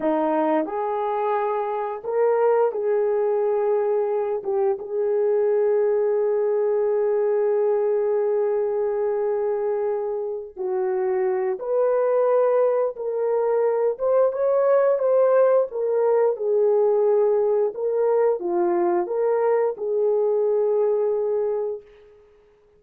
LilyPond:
\new Staff \with { instrumentName = "horn" } { \time 4/4 \tempo 4 = 88 dis'4 gis'2 ais'4 | gis'2~ gis'8 g'8 gis'4~ | gis'1~ | gis'2.~ gis'8 fis'8~ |
fis'4 b'2 ais'4~ | ais'8 c''8 cis''4 c''4 ais'4 | gis'2 ais'4 f'4 | ais'4 gis'2. | }